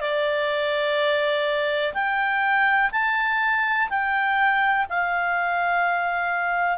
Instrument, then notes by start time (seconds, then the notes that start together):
clarinet
0.00 D5
1.94 G5
2.92 A5
3.89 G5
4.90 F5